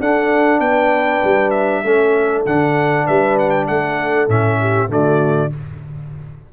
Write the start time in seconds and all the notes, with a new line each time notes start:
0.00 D4 A4 F#5
0.60 B3 B4 G5
1.25 G3
1.51 E5
1.84 A3 C#4 A4
2.46 D3 D4 F#5
3.07 G3 B4 E5
3.39 F#5
3.50 G5
3.68 A3 A4 F#5
4.29 A2 C#4 E5
4.60 G4
4.89 D3 A3 F#4 D5